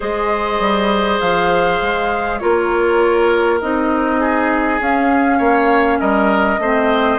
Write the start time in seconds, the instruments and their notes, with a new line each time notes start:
0.00 bassoon G#3, clarinet G#4, oboe C5, flute D#5
0.59 bassoon G3
1.20 bassoon F3, flute F5
1.81 bassoon G#3
2.39 bassoon A#3, clarinet F4, oboe A#4, flute C#5
3.60 bassoon C4, clarinet D#4, flute D#5
4.20 oboe G#4
4.79 clarinet C#4, bassoon C#4, flute F5
5.38 bassoon A#3, oboe C#5
5.99 bassoon G3, oboe A#4, flute D#5
6.58 bassoon A3, clarinet C4, oboe C5